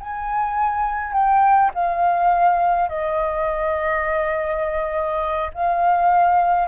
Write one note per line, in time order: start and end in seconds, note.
0.00 1.13 G#5
1.13 1.71 G5
1.74 2.89 F5
2.89 5.51 D#5
5.54 6.68 F5